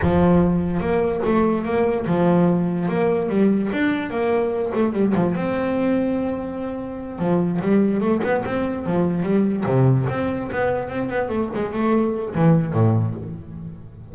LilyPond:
\new Staff \with { instrumentName = "double bass" } { \time 4/4 \tempo 4 = 146 f2 ais4 a4 | ais4 f2 ais4 | g4 d'4 ais4. a8 | g8 f8 c'2.~ |
c'4. f4 g4 a8 | b8 c'4 f4 g4 c8~ | c8 c'4 b4 c'8 b8 a8 | gis8 a4. e4 a,4 | }